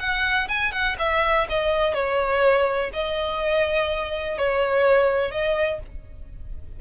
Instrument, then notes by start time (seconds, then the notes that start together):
violin
0.00 F#5
0.49 G#5
0.72 F#5
0.99 E5
1.49 D#5
1.94 C#5
2.94 D#5
4.38 C#5
5.32 D#5